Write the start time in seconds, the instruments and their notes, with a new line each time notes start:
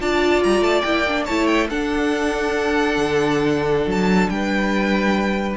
0.00 cello D4, viola F4, violin D5 A5
0.43 cello G3, violin A#5
0.60 cello A3, violin A5
0.81 cello A#3, viola E4, violin G5
1.08 viola D4
1.25 cello A3, viola E4, violin C#5 A5
1.47 violin G5
1.69 viola D4, cello D4, violin A4 F#5
2.97 cello D3
3.86 cello F#3, violin A5
4.29 cello G3, violin B4 G5